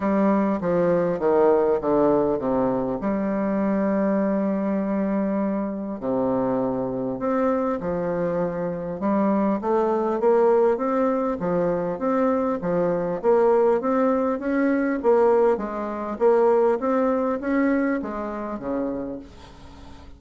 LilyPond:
\new Staff \with { instrumentName = "bassoon" } { \time 4/4 \tempo 4 = 100 g4 f4 dis4 d4 | c4 g2.~ | g2 c2 | c'4 f2 g4 |
a4 ais4 c'4 f4 | c'4 f4 ais4 c'4 | cis'4 ais4 gis4 ais4 | c'4 cis'4 gis4 cis4 | }